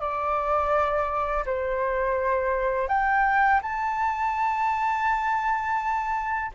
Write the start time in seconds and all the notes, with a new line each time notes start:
0.00 D5
1.46 C5
2.88 G5
3.62 A5